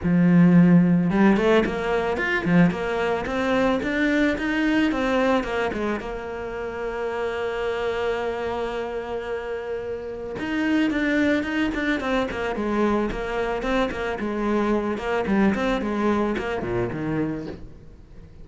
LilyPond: \new Staff \with { instrumentName = "cello" } { \time 4/4 \tempo 4 = 110 f2 g8 a8 ais4 | f'8 f8 ais4 c'4 d'4 | dis'4 c'4 ais8 gis8 ais4~ | ais1~ |
ais2. dis'4 | d'4 dis'8 d'8 c'8 ais8 gis4 | ais4 c'8 ais8 gis4. ais8 | g8 c'8 gis4 ais8 ais,8 dis4 | }